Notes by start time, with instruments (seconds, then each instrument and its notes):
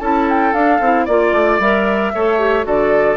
0.00 bassoon C#4, clarinet E4, oboe A4, flute A5
0.29 flute G5
0.53 bassoon D4, clarinet D4, flute F5
0.80 bassoon C4, clarinet E4
1.05 bassoon A#3, clarinet F4, oboe D5, flute D5
1.32 bassoon A3
1.59 bassoon G3, clarinet A#4, flute E5
2.14 bassoon A3, clarinet A4, oboe C#5
2.39 clarinet G4
2.63 bassoon D3, clarinet F#4, oboe A4, flute D5